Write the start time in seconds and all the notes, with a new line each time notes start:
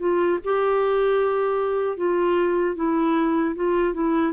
0.00 F4
0.45 G4
1.98 F4
2.77 E4
3.56 F4
3.94 E4